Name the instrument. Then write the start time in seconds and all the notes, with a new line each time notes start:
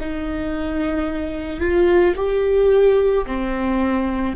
viola
0.00 D#4
1.60 F4
2.16 G4
3.26 C4